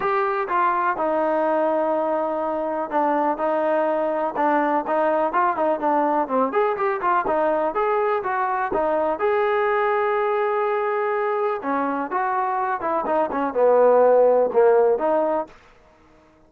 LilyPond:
\new Staff \with { instrumentName = "trombone" } { \time 4/4 \tempo 4 = 124 g'4 f'4 dis'2~ | dis'2 d'4 dis'4~ | dis'4 d'4 dis'4 f'8 dis'8 | d'4 c'8 gis'8 g'8 f'8 dis'4 |
gis'4 fis'4 dis'4 gis'4~ | gis'1 | cis'4 fis'4. e'8 dis'8 cis'8 | b2 ais4 dis'4 | }